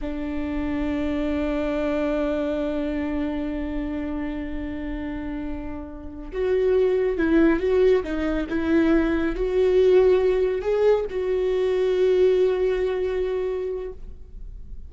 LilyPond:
\new Staff \with { instrumentName = "viola" } { \time 4/4 \tempo 4 = 138 d'1~ | d'1~ | d'1~ | d'2~ d'8 fis'4.~ |
fis'8 e'4 fis'4 dis'4 e'8~ | e'4. fis'2~ fis'8~ | fis'8 gis'4 fis'2~ fis'8~ | fis'1 | }